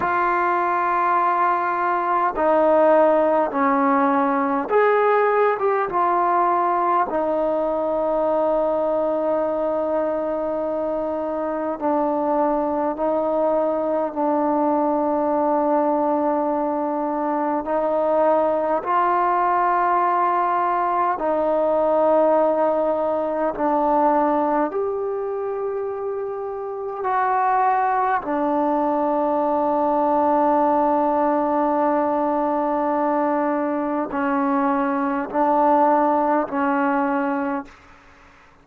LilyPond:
\new Staff \with { instrumentName = "trombone" } { \time 4/4 \tempo 4 = 51 f'2 dis'4 cis'4 | gis'8. g'16 f'4 dis'2~ | dis'2 d'4 dis'4 | d'2. dis'4 |
f'2 dis'2 | d'4 g'2 fis'4 | d'1~ | d'4 cis'4 d'4 cis'4 | }